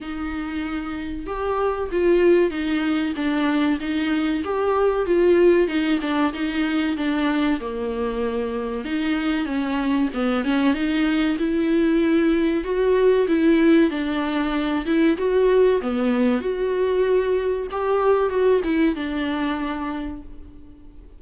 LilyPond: \new Staff \with { instrumentName = "viola" } { \time 4/4 \tempo 4 = 95 dis'2 g'4 f'4 | dis'4 d'4 dis'4 g'4 | f'4 dis'8 d'8 dis'4 d'4 | ais2 dis'4 cis'4 |
b8 cis'8 dis'4 e'2 | fis'4 e'4 d'4. e'8 | fis'4 b4 fis'2 | g'4 fis'8 e'8 d'2 | }